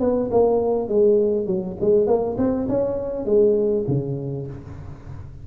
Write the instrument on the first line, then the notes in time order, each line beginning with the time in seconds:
tuba
0.00 B3
0.31 A#3
0.89 G#3
1.47 F#3
1.81 G#3
2.07 A#3
2.38 C4
2.69 C#4
3.25 G#3
3.88 C#3